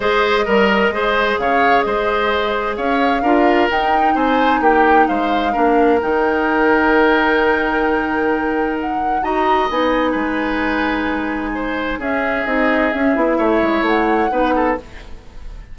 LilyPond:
<<
  \new Staff \with { instrumentName = "flute" } { \time 4/4 \tempo 4 = 130 dis''2. f''4 | dis''2 f''2 | g''4 gis''4 g''4 f''4~ | f''4 g''2.~ |
g''2. fis''4 | ais''4 gis''2.~ | gis''2 e''4 dis''4 | e''2 fis''2 | }
  \new Staff \with { instrumentName = "oboe" } { \time 4/4 c''4 ais'4 c''4 cis''4 | c''2 cis''4 ais'4~ | ais'4 c''4 g'4 c''4 | ais'1~ |
ais'1 | dis''2 b'2~ | b'4 c''4 gis'2~ | gis'4 cis''2 b'8 a'8 | }
  \new Staff \with { instrumentName = "clarinet" } { \time 4/4 gis'4 ais'4 gis'2~ | gis'2. f'4 | dis'1 | d'4 dis'2.~ |
dis'1 | fis'4 dis'2.~ | dis'2 cis'4 dis'4 | cis'8 e'2~ e'8 dis'4 | }
  \new Staff \with { instrumentName = "bassoon" } { \time 4/4 gis4 g4 gis4 cis4 | gis2 cis'4 d'4 | dis'4 c'4 ais4 gis4 | ais4 dis2.~ |
dis1 | dis'4 b4 gis2~ | gis2 cis'4 c'4 | cis'8 b8 a8 gis8 a4 b4 | }
>>